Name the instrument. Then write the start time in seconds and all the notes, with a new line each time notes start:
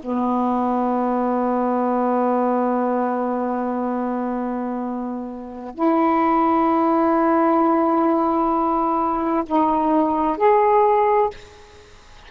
saxophone
0.00 B3
5.74 E4
9.46 D#4
10.37 G#4